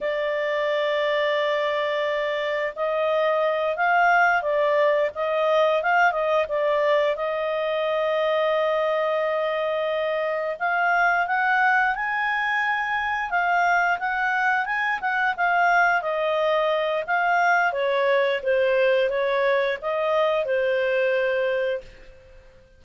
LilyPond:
\new Staff \with { instrumentName = "clarinet" } { \time 4/4 \tempo 4 = 88 d''1 | dis''4. f''4 d''4 dis''8~ | dis''8 f''8 dis''8 d''4 dis''4.~ | dis''2.~ dis''8 f''8~ |
f''8 fis''4 gis''2 f''8~ | f''8 fis''4 gis''8 fis''8 f''4 dis''8~ | dis''4 f''4 cis''4 c''4 | cis''4 dis''4 c''2 | }